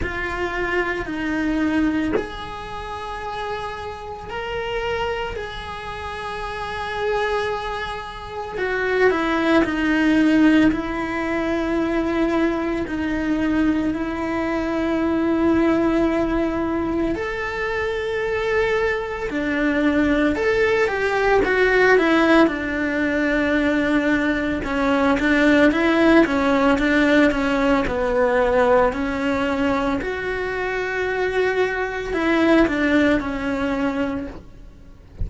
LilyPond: \new Staff \with { instrumentName = "cello" } { \time 4/4 \tempo 4 = 56 f'4 dis'4 gis'2 | ais'4 gis'2. | fis'8 e'8 dis'4 e'2 | dis'4 e'2. |
a'2 d'4 a'8 g'8 | fis'8 e'8 d'2 cis'8 d'8 | e'8 cis'8 d'8 cis'8 b4 cis'4 | fis'2 e'8 d'8 cis'4 | }